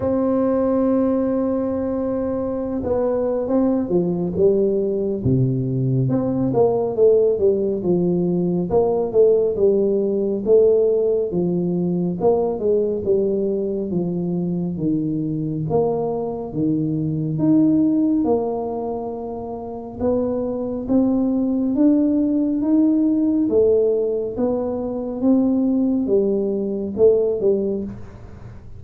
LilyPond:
\new Staff \with { instrumentName = "tuba" } { \time 4/4 \tempo 4 = 69 c'2.~ c'16 b8. | c'8 f8 g4 c4 c'8 ais8 | a8 g8 f4 ais8 a8 g4 | a4 f4 ais8 gis8 g4 |
f4 dis4 ais4 dis4 | dis'4 ais2 b4 | c'4 d'4 dis'4 a4 | b4 c'4 g4 a8 g8 | }